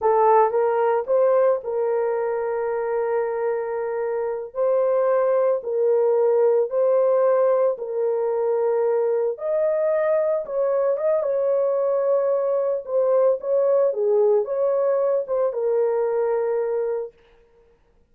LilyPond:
\new Staff \with { instrumentName = "horn" } { \time 4/4 \tempo 4 = 112 a'4 ais'4 c''4 ais'4~ | ais'1~ | ais'8 c''2 ais'4.~ | ais'8 c''2 ais'4.~ |
ais'4. dis''2 cis''8~ | cis''8 dis''8 cis''2. | c''4 cis''4 gis'4 cis''4~ | cis''8 c''8 ais'2. | }